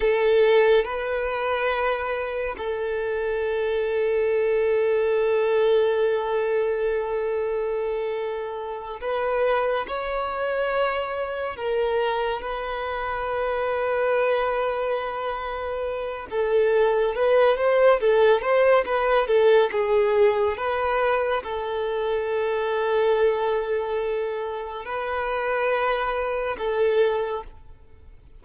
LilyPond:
\new Staff \with { instrumentName = "violin" } { \time 4/4 \tempo 4 = 70 a'4 b'2 a'4~ | a'1~ | a'2~ a'8 b'4 cis''8~ | cis''4. ais'4 b'4.~ |
b'2. a'4 | b'8 c''8 a'8 c''8 b'8 a'8 gis'4 | b'4 a'2.~ | a'4 b'2 a'4 | }